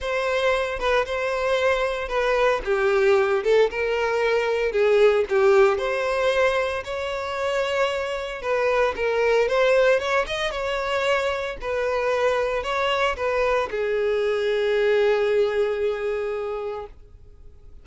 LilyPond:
\new Staff \with { instrumentName = "violin" } { \time 4/4 \tempo 4 = 114 c''4. b'8 c''2 | b'4 g'4. a'8 ais'4~ | ais'4 gis'4 g'4 c''4~ | c''4 cis''2. |
b'4 ais'4 c''4 cis''8 dis''8 | cis''2 b'2 | cis''4 b'4 gis'2~ | gis'1 | }